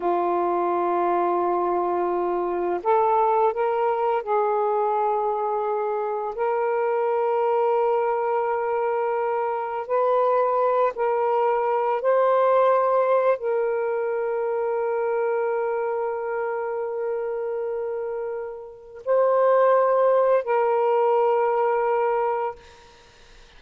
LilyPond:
\new Staff \with { instrumentName = "saxophone" } { \time 4/4 \tempo 4 = 85 f'1 | a'4 ais'4 gis'2~ | gis'4 ais'2.~ | ais'2 b'4. ais'8~ |
ais'4 c''2 ais'4~ | ais'1~ | ais'2. c''4~ | c''4 ais'2. | }